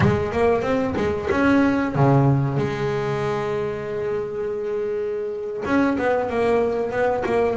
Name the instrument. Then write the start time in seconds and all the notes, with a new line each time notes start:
double bass
0.00 G#3
0.31 A#3
0.62 C4
0.96 G#3
1.30 C#4
1.95 C#3
2.57 G#3
5.65 C#4
5.98 B3
6.29 A#3
6.91 B3
7.25 A#3